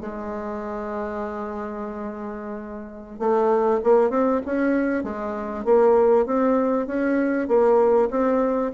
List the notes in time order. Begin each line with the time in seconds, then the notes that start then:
0.00 G#3
3.19 A3
3.83 A#3
4.10 C4
4.45 C#4
5.03 G#3
5.65 A#3
6.26 C4
6.87 C#4
7.48 A#3
8.10 C4